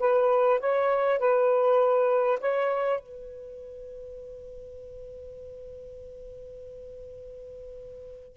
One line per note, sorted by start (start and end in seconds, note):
0.00 0.60 B4
0.60 1.19 C#5
1.19 2.39 B4
2.41 3.00 C#5
3.00 8.38 B4